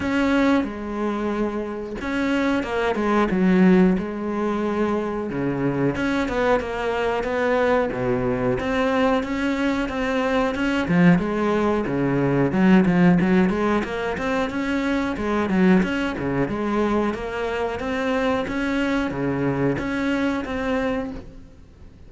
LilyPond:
\new Staff \with { instrumentName = "cello" } { \time 4/4 \tempo 4 = 91 cis'4 gis2 cis'4 | ais8 gis8 fis4 gis2 | cis4 cis'8 b8 ais4 b4 | b,4 c'4 cis'4 c'4 |
cis'8 f8 gis4 cis4 fis8 f8 | fis8 gis8 ais8 c'8 cis'4 gis8 fis8 | cis'8 cis8 gis4 ais4 c'4 | cis'4 cis4 cis'4 c'4 | }